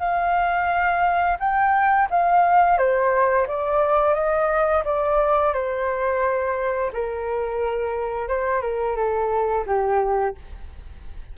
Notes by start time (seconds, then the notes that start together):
0.00 F5
1.40 G5
2.11 F5
2.78 C5
3.48 D5
4.15 D#5
4.85 D5
5.54 C5
6.93 A#4
8.29 C5
8.62 A#4
8.97 A4
9.66 G4